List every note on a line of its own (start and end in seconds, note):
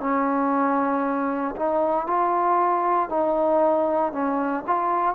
0.00 1.55 C#4
1.56 2.07 D#4
2.07 3.09 F4
3.09 4.12 D#4
4.12 4.64 C#4
4.67 5.14 F4